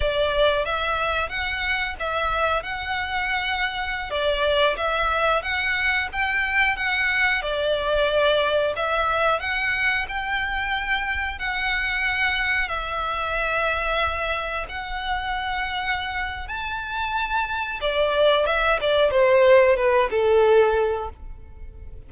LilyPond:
\new Staff \with { instrumentName = "violin" } { \time 4/4 \tempo 4 = 91 d''4 e''4 fis''4 e''4 | fis''2~ fis''16 d''4 e''8.~ | e''16 fis''4 g''4 fis''4 d''8.~ | d''4~ d''16 e''4 fis''4 g''8.~ |
g''4~ g''16 fis''2 e''8.~ | e''2~ e''16 fis''4.~ fis''16~ | fis''4 a''2 d''4 | e''8 d''8 c''4 b'8 a'4. | }